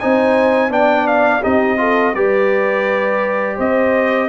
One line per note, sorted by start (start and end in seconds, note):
0.00 0.69 C4
0.00 0.70 D#4
0.00 0.71 C5
0.00 0.71 G#5
0.69 1.41 B3
0.69 1.41 D4
0.69 1.42 D5
0.69 1.07 G5
1.07 1.43 F5
1.42 2.14 C4
1.42 1.78 D#4
1.42 1.78 G4
1.42 2.14 D#5
1.78 2.13 F4
1.78 2.15 A4
2.14 3.57 G3
2.14 4.28 G4
2.14 3.56 B4
2.14 3.57 D5
3.56 4.28 C4
3.56 4.27 C5
3.56 4.28 D#5